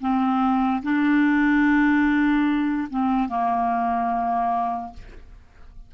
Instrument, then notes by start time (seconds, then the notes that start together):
clarinet
0.00 C4
0.83 D4
2.90 C4
3.28 A#3